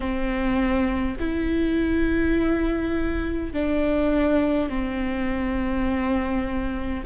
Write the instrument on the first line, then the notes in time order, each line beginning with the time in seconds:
viola
0.00 C4
1.19 E4
3.53 D4
4.68 C4